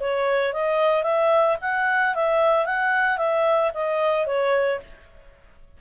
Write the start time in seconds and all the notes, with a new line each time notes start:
0.00 C#5
0.53 D#5
1.03 E5
1.61 F#5
2.15 E5
2.66 F#5
3.18 E5
3.74 D#5
4.26 C#5